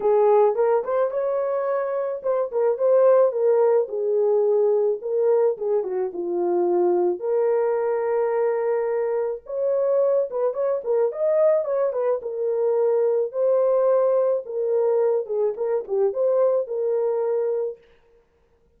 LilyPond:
\new Staff \with { instrumentName = "horn" } { \time 4/4 \tempo 4 = 108 gis'4 ais'8 c''8 cis''2 | c''8 ais'8 c''4 ais'4 gis'4~ | gis'4 ais'4 gis'8 fis'8 f'4~ | f'4 ais'2.~ |
ais'4 cis''4. b'8 cis''8 ais'8 | dis''4 cis''8 b'8 ais'2 | c''2 ais'4. gis'8 | ais'8 g'8 c''4 ais'2 | }